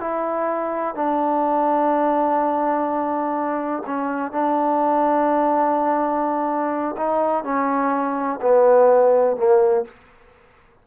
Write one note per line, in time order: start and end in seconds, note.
0.00 0.95 E4
0.95 3.83 D4
3.86 4.32 C#4
4.32 6.96 D4
6.97 7.44 D#4
7.44 8.40 C#4
8.42 9.36 B3
9.36 9.84 A#3